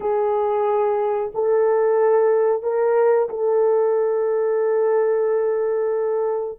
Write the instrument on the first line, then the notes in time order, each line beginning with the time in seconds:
horn
0.00 G#4
1.34 A4
2.63 A#4
3.29 A4